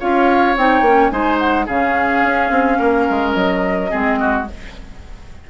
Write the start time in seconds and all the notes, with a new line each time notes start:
0.00 C#4 F4 C#5 F5
0.57 C4 D#4 G5
0.81 A#3 C#4
1.09 G#3 D#4 C5 G#5
1.39 F#5
1.66 C#3 C#4 G#4 F5
2.24 C#4
2.50 C4
2.79 A#3 A#4
3.10 G#3
3.32 F#3 D#5
3.90 G#3 C4 G#4
4.20 F#4